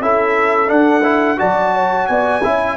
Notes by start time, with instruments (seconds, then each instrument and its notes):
0.00 tuba C#4, trombone E4, horn A4, trumpet E5
0.67 trombone D4, tuba D4, trumpet F#5
1.03 trombone E4
1.37 tuba F#3, trombone F#4, horn D5, trumpet A5
1.74 horn C#5
2.07 tuba B3, horn D5, trumpet G#5
2.43 tuba C#4, trombone E4, horn E5